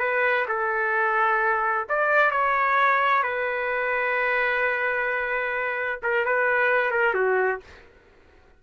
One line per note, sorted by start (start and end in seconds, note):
0.00 0.46 B4
0.49 1.87 A4
1.89 2.32 D5
2.32 3.23 C#5
3.23 6.00 B4
6.03 6.26 A#4
6.26 6.92 B4
6.92 7.15 A#4
7.15 7.61 F#4